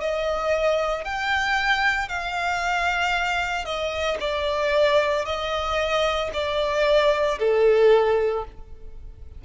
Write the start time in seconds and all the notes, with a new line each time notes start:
0.00 D#5
1.04 G5
2.09 F5
3.65 D#5
4.20 D5
5.25 D#5
6.33 D5
7.39 A4